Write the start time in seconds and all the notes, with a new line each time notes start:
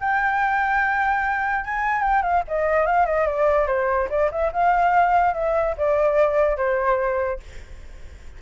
0.00 G5
1.64 G#5
2.01 G5
2.22 F5
2.48 D#5
2.86 F5
3.06 D#5
3.27 D5
3.67 C5
4.10 D5
4.31 E5
4.53 F5
5.34 E5
5.77 D5
6.57 C5